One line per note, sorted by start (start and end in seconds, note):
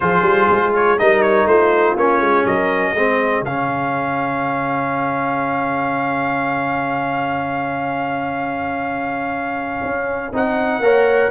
0.00 0.22 F3
0.00 0.98 F4
0.00 0.99 G#4
0.00 0.74 C5
0.22 0.46 G3
0.50 1.00 G#3
0.74 0.98 C#5
0.98 1.45 G3
0.98 1.96 D#4
0.98 1.49 A#4
0.98 1.22 D#5
1.22 1.46 C#5
1.45 1.94 A3
1.45 2.47 F4
1.45 1.96 C5
1.96 2.20 A#3
1.96 2.95 C#4
1.96 2.45 C#5
2.20 2.44 G#3
2.45 2.93 F#3
2.45 2.94 A#4
2.45 3.44 D#5
2.93 3.41 G#3
2.93 3.45 C4
2.93 10.81 G#4
3.41 9.80 C#3
3.41 10.33 C#4
3.41 10.33 F5
9.82 10.32 C#4
10.32 10.79 C4
10.32 10.82 D#4
10.32 11.31 F#5
10.79 11.28 A#3
10.79 11.31 A#4
10.79 11.31 C#5